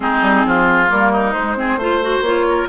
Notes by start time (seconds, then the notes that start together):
0.00 G#3 C4 D#4 G#4
0.21 G3
0.45 F3 F4
0.87 G3 A#3 A#4
1.12 D#4
1.32 G#3 C5
1.56 C4 G#4
1.76 A3 F4 C5
2.02 F#4
2.20 A#3 F4 C#5
2.49 A#4